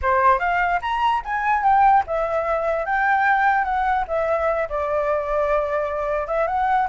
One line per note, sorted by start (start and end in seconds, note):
0.01 0.39 C5
0.39 0.79 F5
0.81 1.22 A#5
1.24 1.63 G#5
1.63 2.03 G5
2.06 2.85 E5
2.85 3.64 G5
3.64 4.04 F#5
4.07 4.68 E5
4.69 6.27 D5
6.27 6.47 E5
6.47 6.88 F#5